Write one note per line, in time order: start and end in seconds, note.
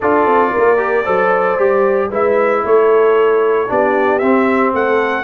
0.00 0.26 D4
0.00 0.77 F4
0.00 0.51 A4
0.00 2.11 D5
0.26 0.52 C4
0.51 1.07 A#3
0.51 1.04 A#4
0.77 1.03 G4
1.04 1.57 F#3
1.04 1.58 A4
1.04 2.09 C5
1.57 2.10 G3
1.57 2.10 G4
2.10 2.63 G#3
2.10 3.68 E4
2.10 2.62 B4
2.10 2.66 E5
2.64 3.69 A3
2.64 3.68 A4
2.64 3.71 C#5
3.68 4.21 B3
3.68 4.20 D4
3.68 4.73 G4
3.68 4.18 D5
4.18 4.74 C4
4.18 5.24 C4
4.18 4.71 E5
4.73 5.24 A3
4.73 5.24 A4
4.73 5.24 F#5